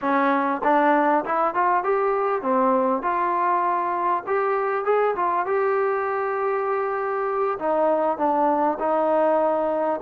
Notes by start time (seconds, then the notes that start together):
0.01 C#4
0.63 D4
1.25 E4
1.54 F4
1.83 G4
2.42 C4
3.02 F4
4.26 G4
4.84 G#4
5.15 F4
5.46 G4
7.58 D#4
8.17 D4
8.79 D#4